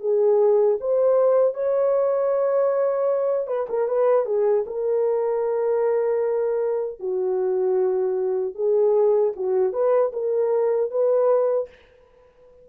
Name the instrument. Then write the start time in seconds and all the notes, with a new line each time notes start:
horn
0.00 G#4
0.80 C5
1.54 C#5
3.47 B4
3.69 A#4
3.88 B4
4.25 G#4
4.66 A#4
7.00 F#4
8.55 G#4
9.36 F#4
9.73 B4
10.13 A#4
10.91 B4